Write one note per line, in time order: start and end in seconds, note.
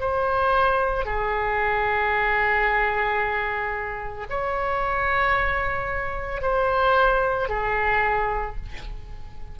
0.00 1.05 C5
1.05 4.27 G#4
4.30 6.42 C#5
6.42 7.49 C5
7.49 8.56 G#4